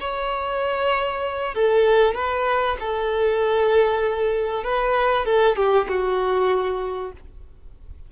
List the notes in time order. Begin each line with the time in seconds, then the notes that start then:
0.00 C#5
1.54 A4
2.14 B4
2.79 A4
4.63 B4
5.25 A4
5.56 G4
5.88 F#4